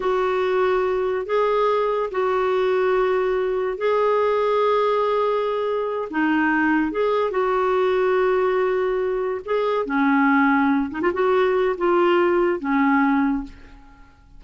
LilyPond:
\new Staff \with { instrumentName = "clarinet" } { \time 4/4 \tempo 4 = 143 fis'2. gis'4~ | gis'4 fis'2.~ | fis'4 gis'2.~ | gis'2~ gis'8 dis'4.~ |
dis'8 gis'4 fis'2~ fis'8~ | fis'2~ fis'8 gis'4 cis'8~ | cis'2 dis'16 f'16 fis'4. | f'2 cis'2 | }